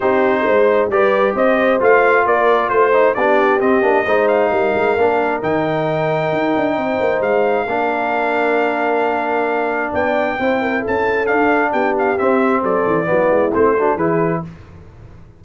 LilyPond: <<
  \new Staff \with { instrumentName = "trumpet" } { \time 4/4 \tempo 4 = 133 c''2 d''4 dis''4 | f''4 d''4 c''4 d''4 | dis''4. f''2~ f''8 | g''1 |
f''1~ | f''2 g''2 | a''4 f''4 g''8 f''8 e''4 | d''2 c''4 b'4 | }
  \new Staff \with { instrumentName = "horn" } { \time 4/4 g'4 c''4 b'4 c''4~ | c''4 ais'4 c''4 g'4~ | g'4 c''4 ais'2~ | ais'2. c''4~ |
c''4 ais'2.~ | ais'2 d''4 c''8 ais'8 | a'2 g'2 | a'4 e'4. fis'8 gis'4 | }
  \new Staff \with { instrumentName = "trombone" } { \time 4/4 dis'2 g'2 | f'2~ f'8 dis'8 d'4 | c'8 d'8 dis'2 d'4 | dis'1~ |
dis'4 d'2.~ | d'2. e'4~ | e'4 d'2 c'4~ | c'4 b4 c'8 d'8 e'4 | }
  \new Staff \with { instrumentName = "tuba" } { \time 4/4 c'4 gis4 g4 c'4 | a4 ais4 a4 b4 | c'8 ais8 gis4 g8 gis8 ais4 | dis2 dis'8 d'8 c'8 ais8 |
gis4 ais2.~ | ais2 b4 c'4 | cis'4 d'4 b4 c'4 | fis8 e8 fis8 gis8 a4 e4 | }
>>